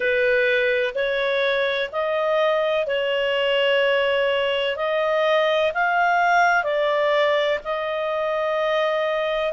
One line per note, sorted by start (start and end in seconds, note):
0.00 0.94 B4
0.94 1.90 C#5
1.92 2.86 D#5
2.86 4.76 C#5
4.76 5.71 D#5
5.74 6.63 F5
6.63 7.58 D5
7.64 9.52 D#5